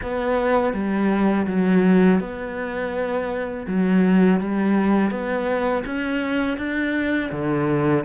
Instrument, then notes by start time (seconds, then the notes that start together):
cello
0.02 B3
0.73 G3
1.46 F#3
2.20 B3
3.67 F#3
4.40 G3
5.10 B3
5.85 C#4
6.57 D4
7.31 D3